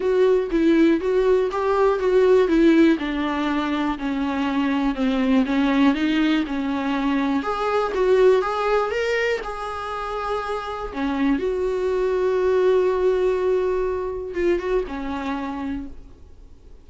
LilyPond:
\new Staff \with { instrumentName = "viola" } { \time 4/4 \tempo 4 = 121 fis'4 e'4 fis'4 g'4 | fis'4 e'4 d'2 | cis'2 c'4 cis'4 | dis'4 cis'2 gis'4 |
fis'4 gis'4 ais'4 gis'4~ | gis'2 cis'4 fis'4~ | fis'1~ | fis'4 f'8 fis'8 cis'2 | }